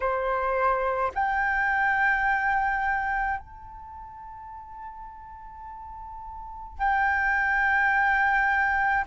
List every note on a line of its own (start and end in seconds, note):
0.00 1.11 C5
1.14 3.39 G5
3.39 6.78 A5
6.78 9.04 G5